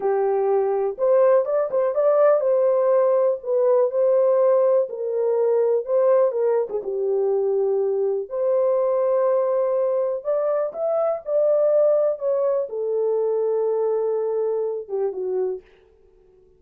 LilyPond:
\new Staff \with { instrumentName = "horn" } { \time 4/4 \tempo 4 = 123 g'2 c''4 d''8 c''8 | d''4 c''2 b'4 | c''2 ais'2 | c''4 ais'8. gis'16 g'2~ |
g'4 c''2.~ | c''4 d''4 e''4 d''4~ | d''4 cis''4 a'2~ | a'2~ a'8 g'8 fis'4 | }